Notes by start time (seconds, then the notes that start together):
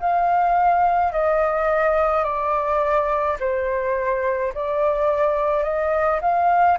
0.00 F5
1.12 D#5
2.24 D5
3.40 C5
4.54 D5
5.63 D#5
6.22 F5